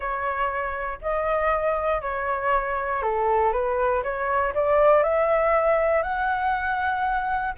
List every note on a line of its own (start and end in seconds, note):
0.00 0.99 C#5
1.01 2.01 D#5
2.01 3.02 C#5
3.02 3.52 A4
3.52 4.02 B4
4.03 4.53 C#5
4.54 5.03 D5
5.03 6.03 E5
6.03 7.54 F#5